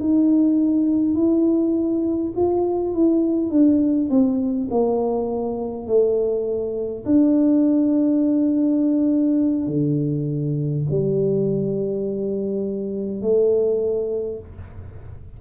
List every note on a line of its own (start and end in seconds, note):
0.00 1.15 D#4
1.15 2.33 E4
2.36 2.94 F4
2.94 3.50 E4
3.50 4.09 D4
4.10 4.68 C4
4.71 5.87 A#3
5.87 7.05 A3
7.05 9.67 D4
9.67 10.84 D3
10.90 13.21 G3
13.21 14.39 A3